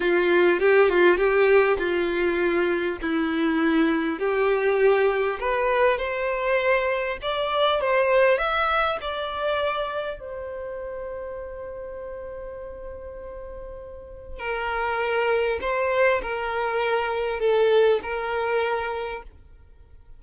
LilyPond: \new Staff \with { instrumentName = "violin" } { \time 4/4 \tempo 4 = 100 f'4 g'8 f'8 g'4 f'4~ | f'4 e'2 g'4~ | g'4 b'4 c''2 | d''4 c''4 e''4 d''4~ |
d''4 c''2.~ | c''1 | ais'2 c''4 ais'4~ | ais'4 a'4 ais'2 | }